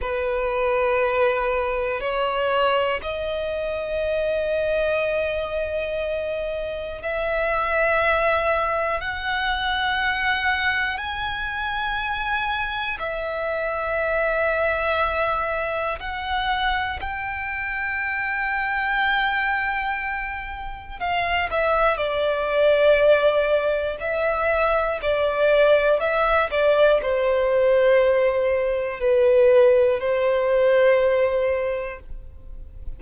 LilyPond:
\new Staff \with { instrumentName = "violin" } { \time 4/4 \tempo 4 = 60 b'2 cis''4 dis''4~ | dis''2. e''4~ | e''4 fis''2 gis''4~ | gis''4 e''2. |
fis''4 g''2.~ | g''4 f''8 e''8 d''2 | e''4 d''4 e''8 d''8 c''4~ | c''4 b'4 c''2 | }